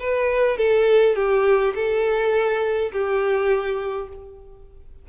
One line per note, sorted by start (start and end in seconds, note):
0.00 0.58 B4
0.58 1.16 A4
1.16 1.74 G4
1.76 2.92 A4
2.93 4.09 G4